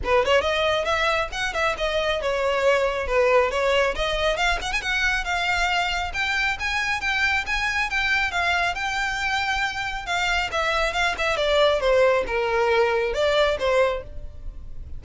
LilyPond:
\new Staff \with { instrumentName = "violin" } { \time 4/4 \tempo 4 = 137 b'8 cis''8 dis''4 e''4 fis''8 e''8 | dis''4 cis''2 b'4 | cis''4 dis''4 f''8 fis''16 gis''16 fis''4 | f''2 g''4 gis''4 |
g''4 gis''4 g''4 f''4 | g''2. f''4 | e''4 f''8 e''8 d''4 c''4 | ais'2 d''4 c''4 | }